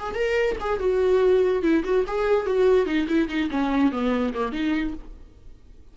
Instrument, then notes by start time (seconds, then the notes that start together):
viola
0.00 G#4
0.15 A#4
0.61 G#4
0.80 F#4
1.63 E4
1.85 F#4
2.07 G#4
2.47 F#4
2.87 D#4
3.09 E4
3.29 D#4
3.51 C#4
3.92 B3
4.34 A#3
4.53 D#4